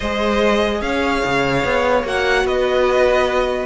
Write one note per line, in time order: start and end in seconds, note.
0.00 0.81 G#3
0.00 2.05 G#4
0.00 0.80 C5
0.00 0.81 D#5
0.81 1.22 C#4
0.81 2.46 C#5
0.81 2.05 F5
1.25 1.64 C#3
1.64 2.03 B3
2.03 2.44 A#3
2.03 3.65 F#4
2.03 2.46 F#5
2.44 3.65 B3
2.44 3.65 B4
2.44 3.65 D#5